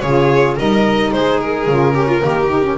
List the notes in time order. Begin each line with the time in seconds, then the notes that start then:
0.00 C#3 F4 G#4 C#5
0.56 G3 D#4 A#4 D#5
1.12 G#3 G#4 C5
1.40 A#4
1.67 C#3 F4
1.93 C#4 G4
2.07 F4
2.19 D#3 A#3 G4
2.49 D#4
2.62 C#4